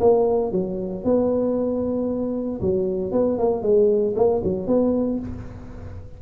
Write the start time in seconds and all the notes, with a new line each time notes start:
0.00 A#3
0.52 F#3
1.04 B3
2.61 F#3
3.12 B3
3.39 A#3
3.63 G#3
4.16 A#3
4.44 F#3
4.67 B3